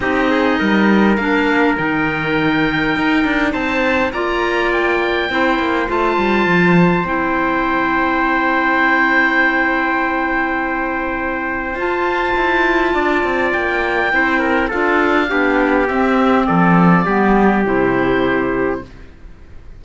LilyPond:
<<
  \new Staff \with { instrumentName = "oboe" } { \time 4/4 \tempo 4 = 102 dis''2 f''4 g''4~ | g''2 a''4 ais''4 | g''2 a''2 | g''1~ |
g''1 | a''2. g''4~ | g''4 f''2 e''4 | d''2 c''2 | }
  \new Staff \with { instrumentName = "trumpet" } { \time 4/4 g'8 gis'8 ais'2.~ | ais'2 c''4 d''4~ | d''4 c''2.~ | c''1~ |
c''1~ | c''2 d''2 | c''8 ais'8 a'4 g'2 | a'4 g'2. | }
  \new Staff \with { instrumentName = "clarinet" } { \time 4/4 dis'2 d'4 dis'4~ | dis'2. f'4~ | f'4 e'4 f'2 | e'1~ |
e'1 | f'1 | e'4 f'4 d'4 c'4~ | c'4 b4 e'2 | }
  \new Staff \with { instrumentName = "cello" } { \time 4/4 c'4 g4 ais4 dis4~ | dis4 dis'8 d'8 c'4 ais4~ | ais4 c'8 ais8 a8 g8 f4 | c'1~ |
c'1 | f'4 e'4 d'8 c'8 ais4 | c'4 d'4 b4 c'4 | f4 g4 c2 | }
>>